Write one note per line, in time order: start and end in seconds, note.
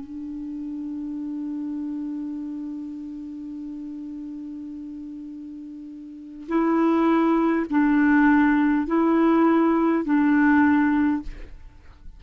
0.00 6.47 D4
6.48 7.66 E4
7.70 8.87 D4
8.87 10.05 E4
10.05 11.22 D4